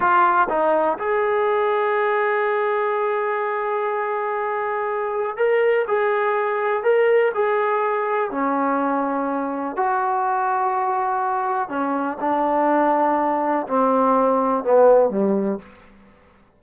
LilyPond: \new Staff \with { instrumentName = "trombone" } { \time 4/4 \tempo 4 = 123 f'4 dis'4 gis'2~ | gis'1~ | gis'2. ais'4 | gis'2 ais'4 gis'4~ |
gis'4 cis'2. | fis'1 | cis'4 d'2. | c'2 b4 g4 | }